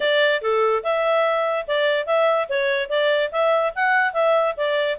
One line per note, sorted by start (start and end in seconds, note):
0.00 0.41 D5
0.41 0.82 A4
0.83 1.66 E5
1.67 2.06 D5
2.06 2.47 E5
2.48 2.89 C#5
2.89 3.30 D5
3.31 3.73 E5
3.75 4.13 F#5
4.13 4.54 E5
4.56 4.98 D5